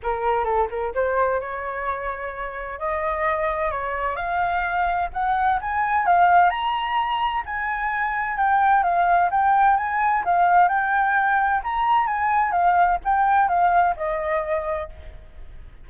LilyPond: \new Staff \with { instrumentName = "flute" } { \time 4/4 \tempo 4 = 129 ais'4 a'8 ais'8 c''4 cis''4~ | cis''2 dis''2 | cis''4 f''2 fis''4 | gis''4 f''4 ais''2 |
gis''2 g''4 f''4 | g''4 gis''4 f''4 g''4~ | g''4 ais''4 gis''4 f''4 | g''4 f''4 dis''2 | }